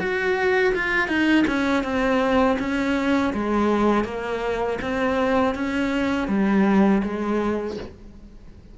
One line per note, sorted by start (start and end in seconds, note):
0.00 0.74 F#4
0.75 1.08 F4
1.08 1.45 D#4
1.47 1.84 C#4
1.84 2.58 C4
2.60 3.34 C#4
3.34 4.05 G#3
4.05 4.79 A#3
4.82 5.55 C4
5.55 6.28 C#4
6.28 7.02 G3
7.04 7.78 G#3